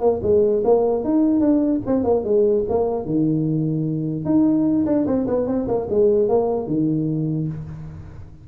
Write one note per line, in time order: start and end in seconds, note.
0.00 0.20 A#3
0.23 0.63 G#3
0.64 1.04 A#3
1.04 1.40 D#4
1.40 1.80 D4
1.86 2.04 C4
2.04 2.24 A#3
2.24 2.64 G#3
2.69 3.05 A#3
3.05 4.25 D#3
4.25 4.85 D#4
4.86 5.06 D4
5.06 5.27 C4
5.27 5.47 B3
5.47 5.67 C4
5.68 5.88 A#3
5.90 6.29 G#3
6.29 6.67 A#3
6.67 7.48 D#3